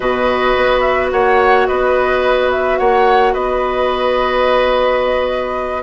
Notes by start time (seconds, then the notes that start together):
0.00 B2 F#4 B4 D#5
0.57 B3
0.80 E5
1.11 A#3 C#5 F#5
1.66 B3 B4 D#5
2.51 E5
2.78 A#3 C#5 F#5
3.33 B3 B4 D#5